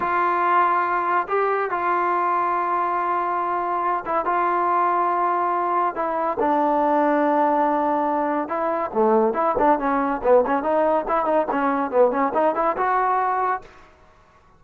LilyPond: \new Staff \with { instrumentName = "trombone" } { \time 4/4 \tempo 4 = 141 f'2. g'4 | f'1~ | f'4. e'8 f'2~ | f'2 e'4 d'4~ |
d'1 | e'4 a4 e'8 d'8 cis'4 | b8 cis'8 dis'4 e'8 dis'8 cis'4 | b8 cis'8 dis'8 e'8 fis'2 | }